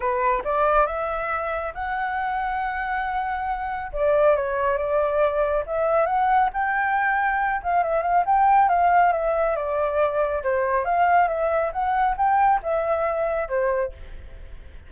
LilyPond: \new Staff \with { instrumentName = "flute" } { \time 4/4 \tempo 4 = 138 b'4 d''4 e''2 | fis''1~ | fis''4 d''4 cis''4 d''4~ | d''4 e''4 fis''4 g''4~ |
g''4. f''8 e''8 f''8 g''4 | f''4 e''4 d''2 | c''4 f''4 e''4 fis''4 | g''4 e''2 c''4 | }